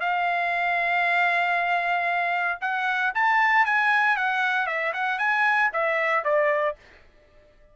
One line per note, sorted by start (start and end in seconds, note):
0.00 2.59 F5
2.61 3.13 F#5
3.14 3.65 A5
3.65 4.17 G#5
4.17 4.66 F#5
4.66 4.92 E5
4.93 5.18 F#5
5.18 5.70 G#5
5.73 6.24 E5
6.24 6.76 D5